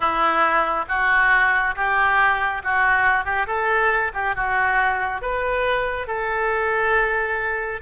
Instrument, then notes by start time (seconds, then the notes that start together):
oboe
0.00 E4
0.88 F#4
1.75 G4
2.63 F#4
3.24 G4
3.46 A4
4.13 G4
4.35 F#4
5.21 B4
6.07 A4